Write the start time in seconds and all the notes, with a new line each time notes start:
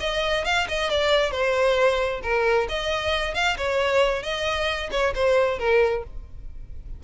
0.00 D#5
0.45 F5
0.68 D#5
0.90 D5
1.31 C5
2.23 A#4
2.69 D#5
3.34 F5
3.57 C#5
4.23 D#5
4.91 C#5
5.15 C5
5.59 A#4